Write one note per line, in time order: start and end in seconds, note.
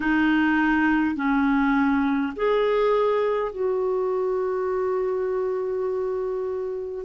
0.00 1.15 D#4
1.15 2.33 C#4
2.36 3.52 G#4
3.52 7.05 F#4